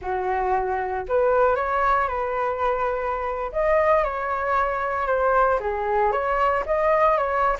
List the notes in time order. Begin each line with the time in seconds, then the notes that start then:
0.01 F#4
1.08 B4
1.55 C#5
2.08 B4
3.52 D#5
4.04 C#5
5.07 C5
5.60 G#4
6.12 C#5
6.65 D#5
7.17 C#5